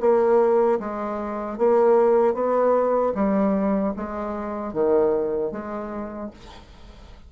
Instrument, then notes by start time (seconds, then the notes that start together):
bassoon
0.00 A#3
0.79 G#3
1.58 A#3
2.34 B3
3.15 G3
3.96 G#3
4.73 D#3
5.51 G#3